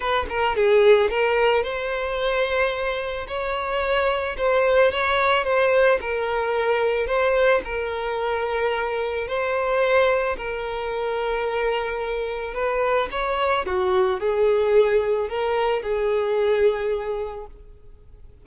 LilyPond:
\new Staff \with { instrumentName = "violin" } { \time 4/4 \tempo 4 = 110 b'8 ais'8 gis'4 ais'4 c''4~ | c''2 cis''2 | c''4 cis''4 c''4 ais'4~ | ais'4 c''4 ais'2~ |
ais'4 c''2 ais'4~ | ais'2. b'4 | cis''4 fis'4 gis'2 | ais'4 gis'2. | }